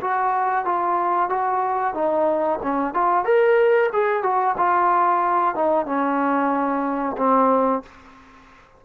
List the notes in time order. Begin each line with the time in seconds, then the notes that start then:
0.00 F#4
0.65 F4
1.29 F#4
1.94 D#4
2.62 C#4
2.93 F4
3.24 A#4
3.92 G#4
4.23 F#4
4.57 F4
5.55 D#4
5.85 C#4
7.17 C4